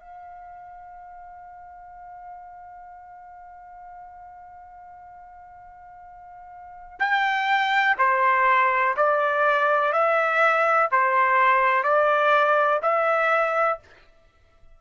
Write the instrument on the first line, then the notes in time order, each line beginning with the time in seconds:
trumpet
0.00 F5
6.99 G5
7.98 C5
8.97 D5
9.93 E5
10.92 C5
11.84 D5
12.82 E5